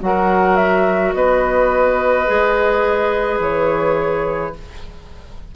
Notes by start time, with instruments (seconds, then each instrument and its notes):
0.00 bassoon F#3, clarinet F#4, oboe A#4, flute F#5
0.56 flute E5
1.13 bassoon B3, oboe B4, flute D#5
2.26 bassoon G#3, clarinet G#4
3.39 bassoon E3, flute C#5